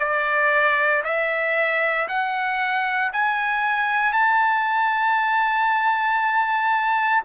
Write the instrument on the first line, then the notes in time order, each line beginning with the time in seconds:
trumpet
0.00 D5
1.04 E5
2.08 F#5
3.13 G#5
4.13 A5